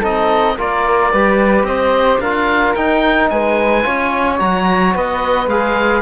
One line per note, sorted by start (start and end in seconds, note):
0.00 0.58 C4
0.00 0.57 D#4
0.00 0.55 A4
0.00 0.59 D#5
0.58 1.14 A#3
0.58 1.13 F4
0.58 1.12 A#4
0.58 1.65 D5
1.12 1.63 G3
1.12 2.24 G4
1.12 1.67 B4
1.63 2.18 C4
1.63 2.21 C5
1.63 2.20 D#5
2.20 2.75 D4
2.20 2.77 F4
2.20 3.31 A#4
2.20 2.74 F5
2.76 3.31 D#4
2.76 3.83 D#4
2.76 3.30 G5
3.30 3.85 G#3
3.30 3.86 B4
3.30 4.39 G#5
3.83 4.41 C#4
3.83 4.38 F4
3.83 4.95 C#5
4.38 4.95 F#3
4.38 5.47 F#4
4.38 4.94 A#5
4.95 5.47 B3
4.95 6.02 B4
4.95 5.49 D#5
5.47 6.02 G#3
5.47 6.02 G#4
5.47 6.02 F5